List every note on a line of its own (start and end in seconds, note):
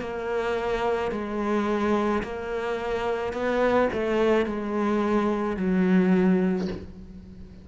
0.00 1.11 A#3
1.11 2.22 G#3
2.23 3.33 A#3
3.33 3.88 B3
3.92 4.45 A3
4.45 5.56 G#3
5.56 6.67 F#3